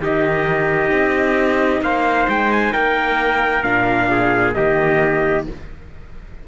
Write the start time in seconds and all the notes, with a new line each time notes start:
0.00 D#3 D#4 G4 D#5
0.91 C4
1.81 A#3 C5 F5
2.29 G#3 G5
2.52 G#5
2.73 A#3 A#4 G5
3.63 A#2 D4 F5
4.11 G#4
4.54 D#3 A#3 G4 D#5